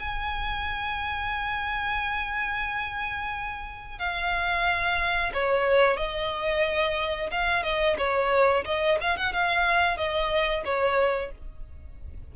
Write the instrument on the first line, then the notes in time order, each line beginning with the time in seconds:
violin
0.00 G#5
3.99 F5
5.34 C#5
5.97 D#5
7.32 F5
7.64 D#5
7.98 C#5
8.65 D#5
9.01 F5
9.17 F#5
9.33 F5
9.98 D#5
10.65 C#5